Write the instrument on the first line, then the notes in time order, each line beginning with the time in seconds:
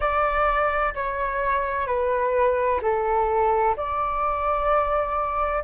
flute
0.00 D5
0.94 C#5
1.86 B4
2.81 A4
3.76 D5